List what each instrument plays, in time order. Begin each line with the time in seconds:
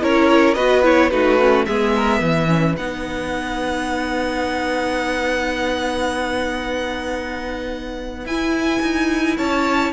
0.00 cello C#4, viola E4, violin A#4 C#5
0.54 cello B3, viola F#4, violin B4 D#5
0.83 viola E4, violin C#5
1.10 cello A3, viola D#4, violin F#4 B4
1.39 viola C#4
1.66 cello G#3, viola B3, violin G#4 E5
1.96 violin A#4
2.20 cello E3, violin B4
2.47 viola C#4
2.77 cello B3, viola D#4, violin F#5
8.25 cello E4, viola E4, violin G#5
8.82 cello D#4
9.37 cello C#4, violin C#5 A5